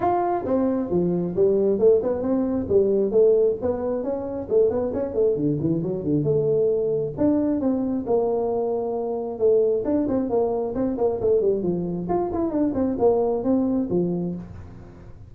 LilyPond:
\new Staff \with { instrumentName = "tuba" } { \time 4/4 \tempo 4 = 134 f'4 c'4 f4 g4 | a8 b8 c'4 g4 a4 | b4 cis'4 a8 b8 cis'8 a8 | d8 e8 fis8 d8 a2 |
d'4 c'4 ais2~ | ais4 a4 d'8 c'8 ais4 | c'8 ais8 a8 g8 f4 f'8 e'8 | d'8 c'8 ais4 c'4 f4 | }